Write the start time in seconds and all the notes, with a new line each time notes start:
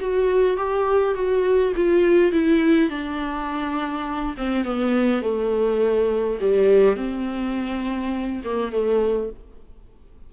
0.00 F#4
0.57 G4
1.15 F#4
1.76 F4
2.32 E4
2.90 D4
4.37 C4
4.64 B3
5.22 A3
6.40 G3
6.96 C4
8.44 A#3
8.72 A3